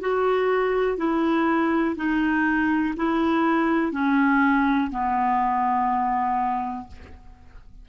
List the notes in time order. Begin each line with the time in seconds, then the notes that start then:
0.00 F#4
0.97 E4
1.96 D#4
2.96 E4
3.92 C#4
4.90 B3